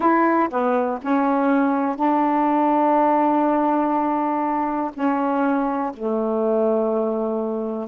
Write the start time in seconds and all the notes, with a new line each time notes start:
0.00 E4
0.50 B3
1.01 C#4
1.96 D4
4.94 C#4
5.93 A3